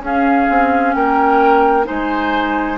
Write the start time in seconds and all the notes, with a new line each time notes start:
0.00 C#4 G#4 F5
0.49 C4
0.92 A#3 A#4 G5
1.84 G#3 D#4 C5 G#5